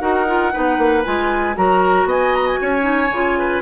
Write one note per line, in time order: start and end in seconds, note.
0.00 0.53 D#4
0.00 0.26 F#4
0.00 0.53 A#4
0.00 1.04 F#5
0.27 0.52 F4
0.52 0.78 B3
0.52 1.04 D#4
0.52 1.56 B4
0.78 1.04 A#3
1.05 1.57 G#3
1.05 1.55 F4
1.05 1.56 G#5
1.55 2.05 F#3
1.55 2.81 F#4
1.55 2.08 A#4
1.55 2.09 A#5
2.05 2.57 B3
2.05 2.60 D#5
2.05 2.36 G#5
2.36 2.47 A#5
2.47 3.63 G#5
2.62 3.11 C#4
2.62 3.39 C#5
2.81 3.07 D#4
3.11 3.62 C#3
3.11 3.63 F4
3.39 3.63 B4